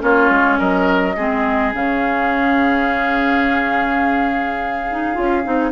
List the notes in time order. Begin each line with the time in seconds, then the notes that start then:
0.00 A#3 C#4 F4 C#5
0.30 G#3
0.59 F#3 A#4 D#5
1.16 G#3 C4 G#4
1.74 C#3 C#4 F5
4.91 D#4
5.15 C#4 F4
5.44 C4 D#4